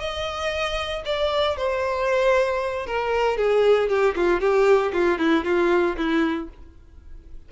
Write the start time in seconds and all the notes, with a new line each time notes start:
0.00 D#5
1.06 D5
1.57 C5
2.87 A#4
3.38 G#4
3.89 G4
4.16 F4
4.41 G4
4.93 F4
5.19 E4
5.45 F4
5.97 E4